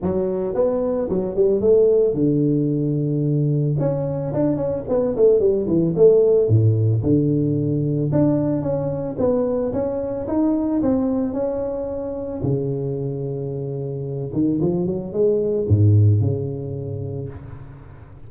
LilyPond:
\new Staff \with { instrumentName = "tuba" } { \time 4/4 \tempo 4 = 111 fis4 b4 fis8 g8 a4 | d2. cis'4 | d'8 cis'8 b8 a8 g8 e8 a4 | a,4 d2 d'4 |
cis'4 b4 cis'4 dis'4 | c'4 cis'2 cis4~ | cis2~ cis8 dis8 f8 fis8 | gis4 gis,4 cis2 | }